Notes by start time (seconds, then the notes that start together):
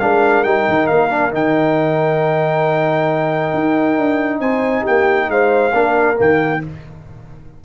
0.00 G#3 D4 A#4 F5
0.44 G3 D#4 G5
0.69 D#3
0.87 A#3 F5
1.10 D4
1.32 D#3 D#4 G5
3.54 D#4
3.98 D4
4.40 C4 C5 G#5
4.82 G4 G5
4.89 A#3
5.29 G#3 C5 F5
5.74 A#3 D4 A#4
6.16 D#3 A#3 G5